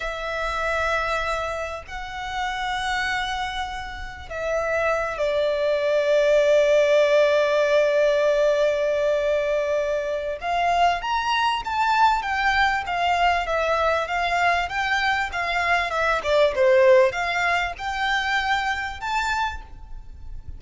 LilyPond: \new Staff \with { instrumentName = "violin" } { \time 4/4 \tempo 4 = 98 e''2. fis''4~ | fis''2. e''4~ | e''8 d''2.~ d''8~ | d''1~ |
d''4 f''4 ais''4 a''4 | g''4 f''4 e''4 f''4 | g''4 f''4 e''8 d''8 c''4 | f''4 g''2 a''4 | }